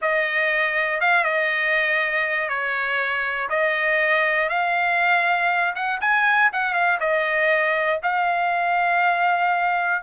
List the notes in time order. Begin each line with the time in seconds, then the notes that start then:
0.01 D#5
1.00 F5
1.24 D#5
2.48 C#5
3.49 D#5
4.49 F5
5.75 F#5
6.00 G#5
6.52 F#5
6.73 F5
7.00 D#5
8.02 F5